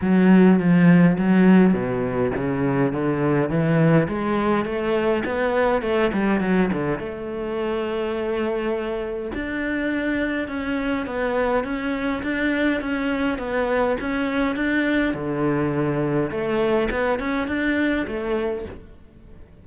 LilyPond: \new Staff \with { instrumentName = "cello" } { \time 4/4 \tempo 4 = 103 fis4 f4 fis4 b,4 | cis4 d4 e4 gis4 | a4 b4 a8 g8 fis8 d8 | a1 |
d'2 cis'4 b4 | cis'4 d'4 cis'4 b4 | cis'4 d'4 d2 | a4 b8 cis'8 d'4 a4 | }